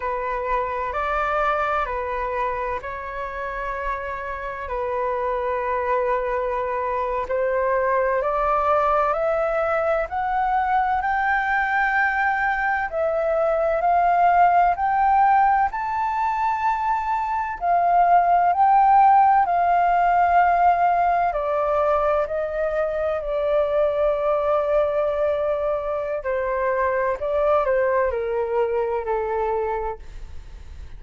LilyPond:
\new Staff \with { instrumentName = "flute" } { \time 4/4 \tempo 4 = 64 b'4 d''4 b'4 cis''4~ | cis''4 b'2~ b'8. c''16~ | c''8. d''4 e''4 fis''4 g''16~ | g''4.~ g''16 e''4 f''4 g''16~ |
g''8. a''2 f''4 g''16~ | g''8. f''2 d''4 dis''16~ | dis''8. d''2.~ d''16 | c''4 d''8 c''8 ais'4 a'4 | }